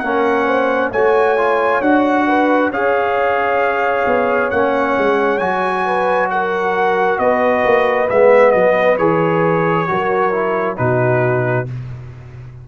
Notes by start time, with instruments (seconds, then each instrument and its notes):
0.00 tuba A#3, trombone C#4, horn A#4, trumpet F#5
0.46 horn C5
0.92 tuba A3, trombone F#4, horn C#5, trumpet G#5
1.38 trombone F4
1.81 tuba D4, trombone F#4, trumpet F#5
2.27 horn B4
2.71 tuba C#4, trombone G#4, horn C#5, trumpet F5
4.07 tuba B3
4.51 tuba A#3, trombone C#4, trumpet F#5
4.98 tuba G#3
5.39 tuba F#3, trombone F#4, trumpet G#5
5.86 horn B4
6.30 horn A#4, trumpet F#5
7.19 tuba B3, horn B4, trumpet D#5
7.65 tuba A#3
8.09 tuba G#3, trombone B3, trumpet E5
8.52 tuba F#3, trumpet D#5
8.98 tuba E3, trombone G#4, trumpet C#5
9.88 tuba F#3, trombone F#4, horn A#4
10.32 trombone E4
10.77 tuba B2, trombone D#4, horn F#4, trumpet B4